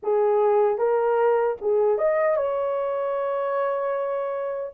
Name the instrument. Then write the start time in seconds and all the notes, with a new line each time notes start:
horn
0.02 G#4
0.78 A#4
1.61 G#4
1.97 D#5
2.36 C#5